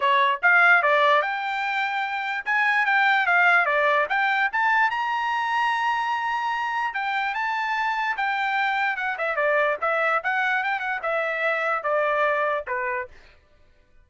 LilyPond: \new Staff \with { instrumentName = "trumpet" } { \time 4/4 \tempo 4 = 147 cis''4 f''4 d''4 g''4~ | g''2 gis''4 g''4 | f''4 d''4 g''4 a''4 | ais''1~ |
ais''4 g''4 a''2 | g''2 fis''8 e''8 d''4 | e''4 fis''4 g''8 fis''8 e''4~ | e''4 d''2 b'4 | }